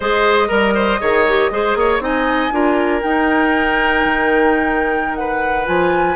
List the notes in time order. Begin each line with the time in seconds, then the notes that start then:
0.00 G#3 G#4 C5 D#5
0.48 G3 A#4
0.75 C5
1.00 D#3 G#4 C#5
1.27 G4
1.50 G#3 G#4 C5
1.75 A#3 C#5
1.99 C4 D#4 D#5 G#5
2.51 D4 F4 A#4
3.01 D#4 G5
4.04 D#3
5.15 B4 F#5
5.65 F3 F4 G#5